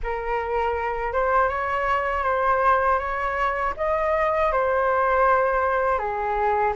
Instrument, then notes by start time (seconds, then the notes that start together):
flute
0.03 A#4
1.12 C5
1.49 C#5
2.23 C5
2.98 C#5
3.77 D#5
4.52 C5
5.98 G#4